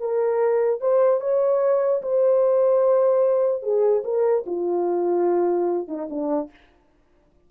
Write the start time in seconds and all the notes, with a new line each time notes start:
0.00 A#4
0.81 C5
1.21 C#5
2.02 C5
3.63 G#4
4.04 A#4
4.46 F4
5.88 D#4
6.10 D4